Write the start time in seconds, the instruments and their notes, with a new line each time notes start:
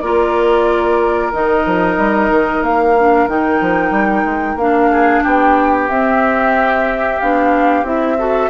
0.00 bassoon A#3, clarinet F4, oboe A#4, flute D5
1.32 bassoon D#3, clarinet D#4, flute D#5
1.65 bassoon F3
1.97 bassoon G3
2.29 bassoon D#3
2.61 bassoon A#3, flute F5
2.98 clarinet D4
3.27 bassoon D#3, clarinet D#4, flute G5
3.60 bassoon F3
3.90 bassoon G3
4.24 bassoon G#3
4.55 bassoon A#3, clarinet D4, flute F5
4.91 oboe G#4
5.23 bassoon B3, oboe G4, flute G5
5.89 clarinet C4, bassoon C4, flute E5
7.19 bassoon B3, clarinet D4, flute F5
7.83 bassoon C4, clarinet E4, flute E5
8.18 clarinet F#4, oboe A4